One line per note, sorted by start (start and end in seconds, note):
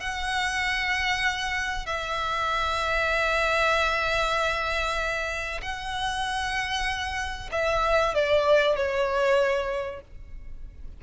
0.00 1.86 F#5
1.86 5.61 E5
5.62 7.49 F#5
7.52 8.14 E5
8.14 8.76 D5
8.76 10.01 C#5